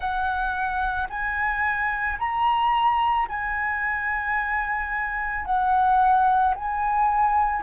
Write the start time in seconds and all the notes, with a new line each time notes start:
0.00 F#5
1.09 G#5
2.18 A#5
3.28 G#5
5.45 F#5
6.55 G#5